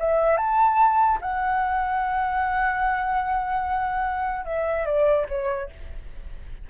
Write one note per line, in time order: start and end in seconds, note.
0.00 0.38 E5
0.38 1.19 A5
1.22 4.46 F#5
4.46 4.86 E5
4.86 5.27 D5
5.29 5.70 C#5